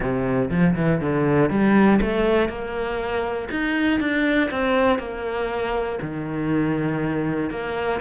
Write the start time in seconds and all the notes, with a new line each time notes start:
0.00 C3
0.50 F3
0.75 E3
1.00 D3
1.50 G3
2.01 A3
2.48 A#3
3.50 D#4
4.00 D4
4.50 C4
4.98 A#3
6.01 D#3
7.50 A#3